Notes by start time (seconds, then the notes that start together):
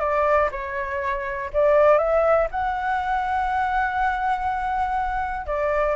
0.00 D5
0.51 C#5
1.53 D5
1.98 E5
2.51 F#5
5.46 D5